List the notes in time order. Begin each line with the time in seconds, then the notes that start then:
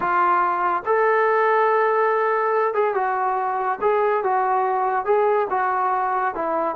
0.00 F4
0.85 A4
2.73 G#4
2.94 F#4
3.81 G#4
4.23 F#4
5.05 G#4
5.50 F#4
6.34 E4